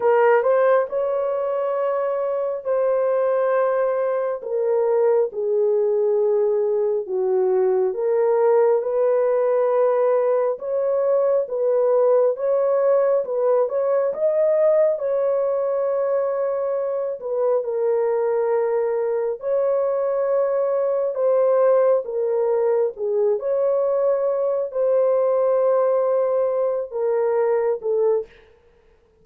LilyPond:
\new Staff \with { instrumentName = "horn" } { \time 4/4 \tempo 4 = 68 ais'8 c''8 cis''2 c''4~ | c''4 ais'4 gis'2 | fis'4 ais'4 b'2 | cis''4 b'4 cis''4 b'8 cis''8 |
dis''4 cis''2~ cis''8 b'8 | ais'2 cis''2 | c''4 ais'4 gis'8 cis''4. | c''2~ c''8 ais'4 a'8 | }